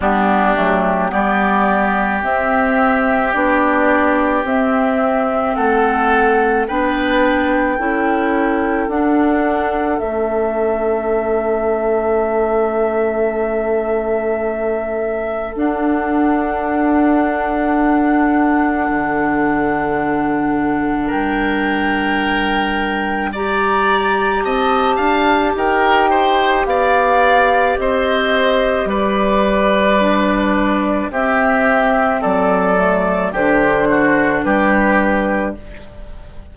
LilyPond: <<
  \new Staff \with { instrumentName = "flute" } { \time 4/4 \tempo 4 = 54 g'4 d''4 e''4 d''4 | e''4 fis''4 g''2 | fis''4 e''2.~ | e''2 fis''2~ |
fis''2. g''4~ | g''4 ais''4 a''4 g''4 | f''4 dis''4 d''2 | e''4 d''4 c''4 b'4 | }
  \new Staff \with { instrumentName = "oboe" } { \time 4/4 d'4 g'2.~ | g'4 a'4 b'4 a'4~ | a'1~ | a'1~ |
a'2. ais'4~ | ais'4 d''4 dis''8 f''8 ais'8 c''8 | d''4 c''4 b'2 | g'4 a'4 g'8 fis'8 g'4 | }
  \new Staff \with { instrumentName = "clarinet" } { \time 4/4 b8 a8 b4 c'4 d'4 | c'2 d'4 e'4 | d'4 cis'2.~ | cis'2 d'2~ |
d'1~ | d'4 g'2.~ | g'2. d'4 | c'4. a8 d'2 | }
  \new Staff \with { instrumentName = "bassoon" } { \time 4/4 g8 fis8 g4 c'4 b4 | c'4 a4 b4 cis'4 | d'4 a2.~ | a2 d'2~ |
d'4 d2 g4~ | g2 c'8 d'8 dis'4 | b4 c'4 g2 | c'4 fis4 d4 g4 | }
>>